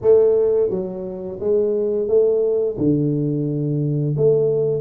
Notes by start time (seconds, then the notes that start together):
0.01 A3
0.70 F#3
1.39 G#3
2.08 A3
2.77 D3
4.16 A3